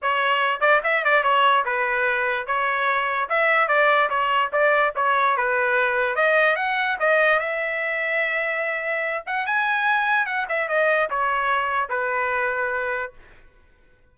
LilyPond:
\new Staff \with { instrumentName = "trumpet" } { \time 4/4 \tempo 4 = 146 cis''4. d''8 e''8 d''8 cis''4 | b'2 cis''2 | e''4 d''4 cis''4 d''4 | cis''4 b'2 dis''4 |
fis''4 dis''4 e''2~ | e''2~ e''8 fis''8 gis''4~ | gis''4 fis''8 e''8 dis''4 cis''4~ | cis''4 b'2. | }